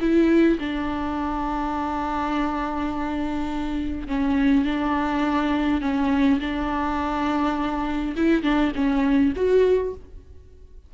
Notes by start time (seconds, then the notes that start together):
0.00 E4
0.59 D4
4.07 C#4
4.64 D4
5.81 C#4
6.40 D4
8.16 E4
8.43 D4
8.75 C#4
9.36 F#4